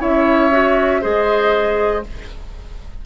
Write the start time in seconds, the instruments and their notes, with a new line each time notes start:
0.00 bassoon C#4, clarinet E4, oboe C#5, flute E5
0.52 clarinet F#4
1.02 bassoon G#3, clarinet G#4, oboe C5, flute D#5